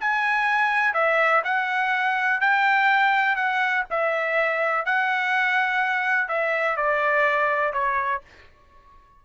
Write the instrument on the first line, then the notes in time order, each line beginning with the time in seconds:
trumpet
0.00 G#5
0.93 E5
1.44 F#5
2.41 G5
3.36 F#5
3.90 E5
4.85 F#5
6.28 E5
6.77 D5
7.73 C#5